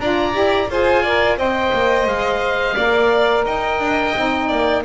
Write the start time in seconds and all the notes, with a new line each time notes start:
0.00 D4 F4 D5 A#5
0.33 E4 G4
0.69 F4 G#4 C5 G#5
1.03 A#4 D5
1.37 C4 C5 D#5 G5
1.73 A#3
2.06 G#3 F5
2.76 A#3 A#4 D5
3.46 D#4 D#5 G5
3.79 D4
4.16 C4 D#4
4.48 A#3 D5